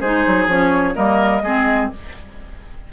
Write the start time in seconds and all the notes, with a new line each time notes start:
0.00 G#3 D#4 G#4 C5
0.26 F#3
0.47 F3 C#4 C#5
0.94 G3 A#3 A#4 D#5
1.42 G#3 C4 G#4